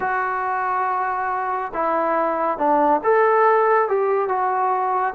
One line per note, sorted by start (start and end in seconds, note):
0.00 1.71 F#4
1.73 2.58 E4
2.58 3.00 D4
3.03 3.88 A4
3.88 4.28 G4
4.28 5.14 F#4